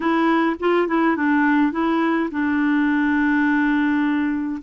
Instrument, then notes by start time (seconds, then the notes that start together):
clarinet
0.00 E4
0.59 F4
0.87 E4
1.16 D4
1.72 E4
2.31 D4